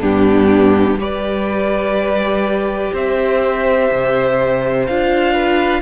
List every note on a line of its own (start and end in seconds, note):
0.00 0.99 G2
0.00 0.98 B3
0.00 0.97 D4
0.00 1.00 G4
0.99 2.92 G3
0.99 4.87 G4
0.99 2.94 B4
0.99 2.94 D5
2.94 3.90 C4
2.94 5.34 C5
2.94 4.87 E5
3.92 4.89 C3
4.87 5.82 D4
4.87 5.82 F4
4.87 5.82 F5
5.34 5.82 B4